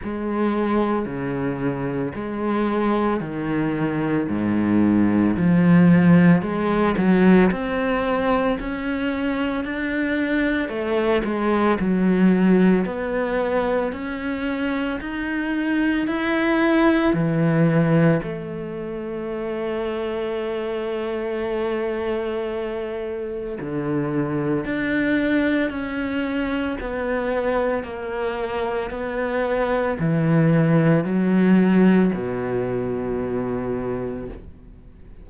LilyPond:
\new Staff \with { instrumentName = "cello" } { \time 4/4 \tempo 4 = 56 gis4 cis4 gis4 dis4 | gis,4 f4 gis8 fis8 c'4 | cis'4 d'4 a8 gis8 fis4 | b4 cis'4 dis'4 e'4 |
e4 a2.~ | a2 d4 d'4 | cis'4 b4 ais4 b4 | e4 fis4 b,2 | }